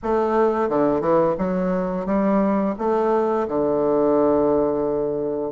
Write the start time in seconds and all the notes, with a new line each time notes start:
0.02 A3
0.69 D3
1.00 E3
1.38 F#3
2.06 G3
2.78 A3
3.48 D3